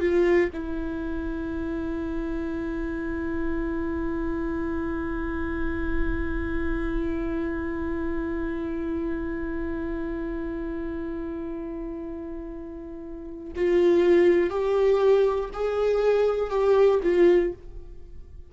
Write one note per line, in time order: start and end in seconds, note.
0.00 0.50 F4
0.53 13.53 E4
13.56 14.50 F4
14.50 15.50 G4
15.54 16.50 G#4
16.50 17.00 G4
17.03 17.53 F4